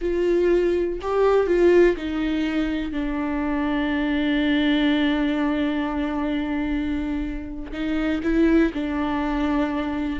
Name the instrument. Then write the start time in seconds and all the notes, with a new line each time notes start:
viola
0.01 F4
1.01 G4
1.46 F4
1.96 D#4
2.92 D4
7.72 D#4
8.23 E4
8.73 D4